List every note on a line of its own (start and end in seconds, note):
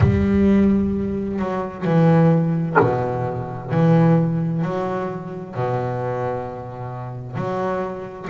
0.00 1.38 G3
1.38 1.84 F#3
1.84 2.77 E3
2.79 3.71 B2
3.71 4.62 E3
4.62 5.54 F#3
5.54 7.36 B2
7.36 8.28 F#3